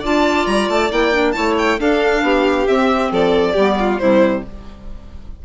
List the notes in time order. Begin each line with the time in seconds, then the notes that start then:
0.00 D4 F4 D5
0.06 A5
0.47 G3 A#5
0.69 A3 A5
0.90 A#3 E4 G5
1.12 D4
1.32 A3 E4 C#5 A5
1.58 G5
1.79 D4 A4 F5
2.23 B3 G4
2.67 C4 E5
3.11 F3 A4 D5
3.54 G3 B3 G4
3.80 F4
3.99 C3 G3 E4 C5